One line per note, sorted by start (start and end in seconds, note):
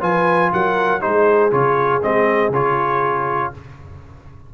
0.00 0.51 F3
0.00 1.00 F4
0.00 0.50 B4
0.00 0.52 G#5
0.52 1.02 F#3
0.52 1.02 A#4
0.52 1.01 F#5
1.00 1.52 G#3
1.00 1.50 D#4
1.00 3.52 G#4
1.00 1.51 C5
1.51 2.02 C#3
1.51 2.01 F4
1.51 2.02 C#5
2.02 2.49 G#3
2.02 2.52 C4
2.02 2.53 D#5
2.49 3.49 C#3
2.49 3.53 F4
2.49 3.53 C#5